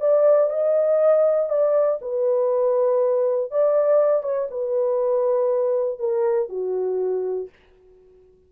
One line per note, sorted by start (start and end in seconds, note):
0.00 0.50 D5
0.50 1.49 D#5
1.49 1.99 D5
2.02 3.51 B4
3.51 4.23 D5
4.23 4.48 C#5
4.50 5.99 B4
5.99 6.49 A#4
6.49 7.49 F#4